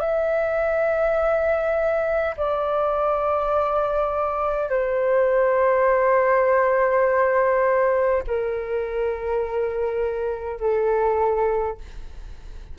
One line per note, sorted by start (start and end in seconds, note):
0.00 2.35 E5
2.37 4.70 D5
4.70 8.22 C5
8.27 10.60 A#4
10.60 11.78 A4